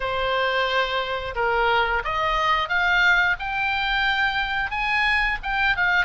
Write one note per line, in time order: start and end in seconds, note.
0.00 1.35 C5
1.35 2.02 A#4
2.04 2.68 D#5
2.68 3.36 F5
3.39 4.70 G5
4.70 5.38 G#5
5.43 5.76 G5
5.76 6.05 F5